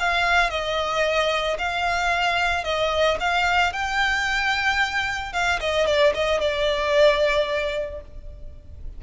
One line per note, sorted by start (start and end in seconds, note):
0.00 0.50 F5
0.50 1.58 D#5
1.59 2.64 F5
2.64 3.18 D#5
3.20 3.73 F5
3.73 5.33 G5
5.33 5.60 F5
5.60 5.87 D#5
5.87 6.14 D5
6.15 6.41 D#5
6.41 8.02 D5